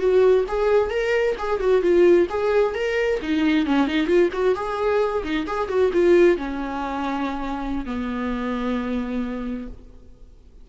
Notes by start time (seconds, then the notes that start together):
0.00 F#4
0.48 G#4
0.90 A#4
1.39 G#4
1.61 F#4
1.82 F4
2.30 G#4
2.75 A#4
3.22 D#4
3.66 C#4
3.88 D#4
4.07 F4
4.33 F#4
4.56 G#4
5.24 D#4
5.47 G#4
5.69 F#4
5.93 F4
6.38 C#4
7.86 B3